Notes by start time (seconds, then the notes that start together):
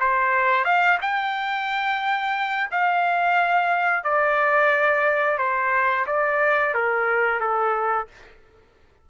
0.00 C5
0.65 F5
1.02 G5
2.71 F5
4.04 D5
5.38 C5
6.07 D5
6.74 A#4
7.40 A4